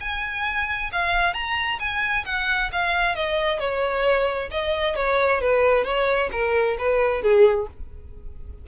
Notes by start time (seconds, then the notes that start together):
0.00 G#5
0.92 F5
1.33 A#5
1.79 G#5
2.25 F#5
2.72 F5
3.15 D#5
3.59 C#5
4.51 D#5
4.96 C#5
5.41 B4
5.84 C#5
6.31 A#4
6.78 B4
7.22 G#4